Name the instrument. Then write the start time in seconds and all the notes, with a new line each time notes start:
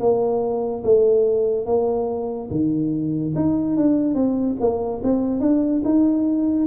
tuba
0.00 A#3
0.84 A3
1.66 A#3
2.51 D#3
3.36 D#4
3.77 D4
4.15 C4
4.61 A#3
5.04 C4
5.41 D4
5.85 D#4